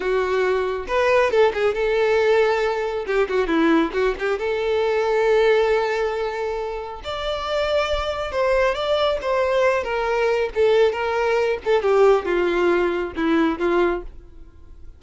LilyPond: \new Staff \with { instrumentName = "violin" } { \time 4/4 \tempo 4 = 137 fis'2 b'4 a'8 gis'8 | a'2. g'8 fis'8 | e'4 fis'8 g'8 a'2~ | a'1 |
d''2. c''4 | d''4 c''4. ais'4. | a'4 ais'4. a'8 g'4 | f'2 e'4 f'4 | }